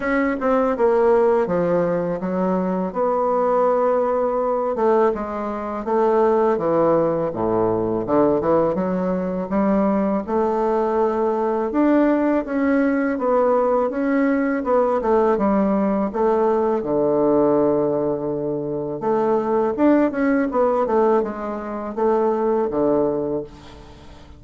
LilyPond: \new Staff \with { instrumentName = "bassoon" } { \time 4/4 \tempo 4 = 82 cis'8 c'8 ais4 f4 fis4 | b2~ b8 a8 gis4 | a4 e4 a,4 d8 e8 | fis4 g4 a2 |
d'4 cis'4 b4 cis'4 | b8 a8 g4 a4 d4~ | d2 a4 d'8 cis'8 | b8 a8 gis4 a4 d4 | }